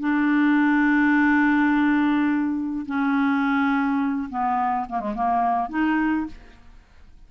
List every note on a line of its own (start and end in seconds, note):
0.00 2.86 D4
2.86 4.29 C#4
4.29 4.86 B3
4.89 5.00 A#3
5.00 5.14 G#3
5.15 5.69 A#3
5.69 6.26 D#4